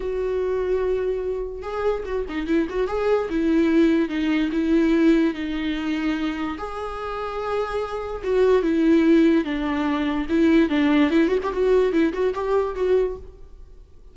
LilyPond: \new Staff \with { instrumentName = "viola" } { \time 4/4 \tempo 4 = 146 fis'1 | gis'4 fis'8 dis'8 e'8 fis'8 gis'4 | e'2 dis'4 e'4~ | e'4 dis'2. |
gis'1 | fis'4 e'2 d'4~ | d'4 e'4 d'4 e'8 fis'16 g'16 | fis'4 e'8 fis'8 g'4 fis'4 | }